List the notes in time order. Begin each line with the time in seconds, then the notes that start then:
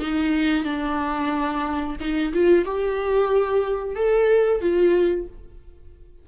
0.00 D#4
0.64 D4
2.00 D#4
2.33 F4
2.65 G4
3.96 A4
4.61 F4